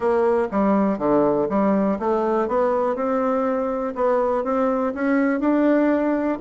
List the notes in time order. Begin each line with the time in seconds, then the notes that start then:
0.00 A#3
0.51 G3
0.98 D3
1.49 G3
1.99 A3
2.47 B3
2.95 C4
3.95 B3
4.44 C4
4.94 C#4
5.40 D4